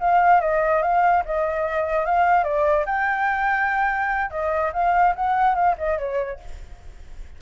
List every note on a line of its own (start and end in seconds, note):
0.00 0.41 F5
0.41 0.82 D#5
0.83 1.24 F5
1.26 2.06 D#5
2.06 2.44 F5
2.44 2.86 D5
2.86 4.31 G5
4.31 4.72 D#5
4.73 5.15 F5
5.16 5.55 F#5
5.55 5.76 F5
5.78 5.98 D#5
5.98 6.40 C#5